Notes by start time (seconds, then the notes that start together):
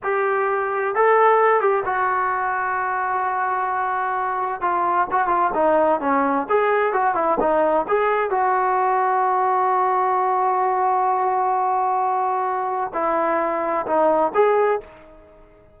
0.03 G4
0.95 A4
1.60 G4
1.85 F#4
4.61 F4
5.11 F#4
5.27 F4
5.54 D#4
6.00 C#4
6.49 G#4
6.93 F#4
7.14 E4
7.40 D#4
7.87 G#4
8.30 F#4
12.93 E4
13.86 D#4
14.34 G#4